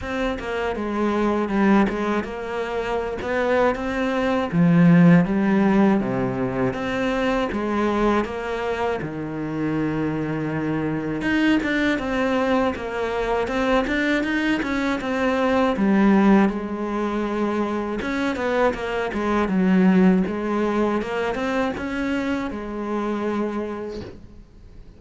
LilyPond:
\new Staff \with { instrumentName = "cello" } { \time 4/4 \tempo 4 = 80 c'8 ais8 gis4 g8 gis8 ais4~ | ais16 b8. c'4 f4 g4 | c4 c'4 gis4 ais4 | dis2. dis'8 d'8 |
c'4 ais4 c'8 d'8 dis'8 cis'8 | c'4 g4 gis2 | cis'8 b8 ais8 gis8 fis4 gis4 | ais8 c'8 cis'4 gis2 | }